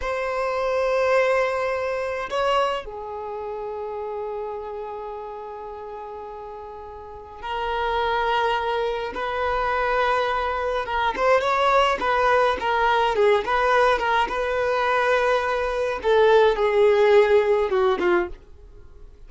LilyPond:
\new Staff \with { instrumentName = "violin" } { \time 4/4 \tempo 4 = 105 c''1 | cis''4 gis'2.~ | gis'1~ | gis'4 ais'2. |
b'2. ais'8 c''8 | cis''4 b'4 ais'4 gis'8 b'8~ | b'8 ais'8 b'2. | a'4 gis'2 fis'8 f'8 | }